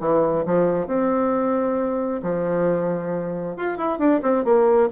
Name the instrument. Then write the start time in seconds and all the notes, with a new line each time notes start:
bassoon
0.00 E3
0.46 F3
0.87 C4
2.22 F3
3.56 F4
3.77 E4
3.99 D4
4.22 C4
4.45 A#3